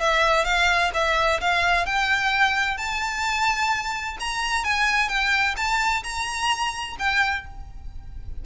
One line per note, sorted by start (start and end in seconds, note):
0.00 0.45 E5
0.45 0.91 F5
0.94 1.40 E5
1.41 1.86 F5
1.86 2.77 G5
2.77 4.17 A5
4.20 4.64 A#5
4.64 5.08 G#5
5.08 5.55 G5
5.57 6.03 A5
6.03 6.96 A#5
6.99 7.45 G5